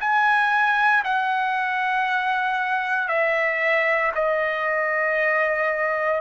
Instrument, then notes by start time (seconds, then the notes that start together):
trumpet
0.00 G#5
1.04 F#5
3.08 E5
4.15 D#5